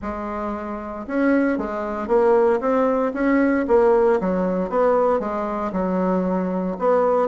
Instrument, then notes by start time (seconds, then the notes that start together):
bassoon
0.01 G#3
1.07 C#4
1.57 G#3
2.07 A#3
2.60 C4
3.13 C#4
3.67 A#3
4.20 F#3
4.69 B3
5.19 G#3
5.72 F#3
6.78 B3